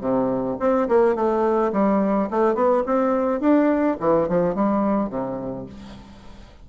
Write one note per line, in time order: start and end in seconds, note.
0.00 0.57 C3
0.59 0.87 C4
0.88 1.15 A#3
1.15 1.71 A3
1.72 2.29 G3
2.30 2.54 A3
2.54 2.83 B3
2.86 3.40 C4
3.40 3.96 D4
4.00 4.28 E3
4.28 4.54 F3
4.54 5.09 G3
5.09 5.66 C3